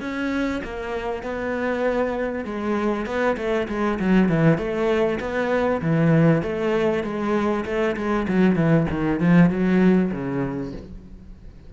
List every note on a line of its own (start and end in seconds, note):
0.00 0.61 C#4
0.63 1.22 A#3
1.22 2.44 B3
2.44 3.06 G#3
3.06 3.36 B3
3.37 3.67 A3
3.68 3.98 G#3
3.99 4.28 F#3
4.28 4.58 E3
4.58 5.19 A3
5.20 5.81 B3
5.81 6.42 E3
6.42 7.03 A3
7.03 7.64 G#3
7.65 7.96 A3
7.96 8.27 G#3
8.28 8.55 F#3
8.55 8.86 E3
8.90 9.19 D#3
9.19 9.50 F3
9.50 10.11 F#3
10.11 10.73 C#3